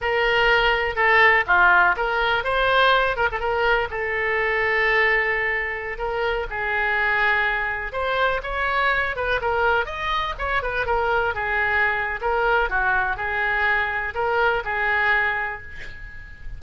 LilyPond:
\new Staff \with { instrumentName = "oboe" } { \time 4/4 \tempo 4 = 123 ais'2 a'4 f'4 | ais'4 c''4. ais'16 a'16 ais'4 | a'1~ | a'16 ais'4 gis'2~ gis'8.~ |
gis'16 c''4 cis''4. b'8 ais'8.~ | ais'16 dis''4 cis''8 b'8 ais'4 gis'8.~ | gis'4 ais'4 fis'4 gis'4~ | gis'4 ais'4 gis'2 | }